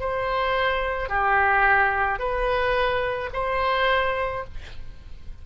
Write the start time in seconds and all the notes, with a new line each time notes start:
0.00 C5
1.10 G4
2.19 B4
3.33 C5